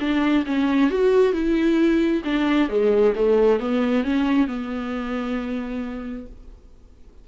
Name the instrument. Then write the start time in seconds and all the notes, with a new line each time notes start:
viola
0.00 D4
0.46 C#4
0.91 F#4
1.33 E4
2.24 D4
2.69 G#3
3.15 A3
3.60 B3
4.04 C#4
4.47 B3